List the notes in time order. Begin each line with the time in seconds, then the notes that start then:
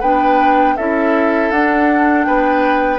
0.00 B3 D4 B4 G5
0.77 C#4 E4 A4 E5
1.51 D4 F#5
2.24 B3 B4 G5